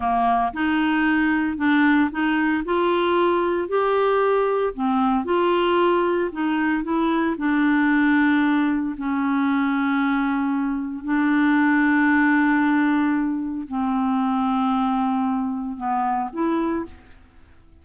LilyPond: \new Staff \with { instrumentName = "clarinet" } { \time 4/4 \tempo 4 = 114 ais4 dis'2 d'4 | dis'4 f'2 g'4~ | g'4 c'4 f'2 | dis'4 e'4 d'2~ |
d'4 cis'2.~ | cis'4 d'2.~ | d'2 c'2~ | c'2 b4 e'4 | }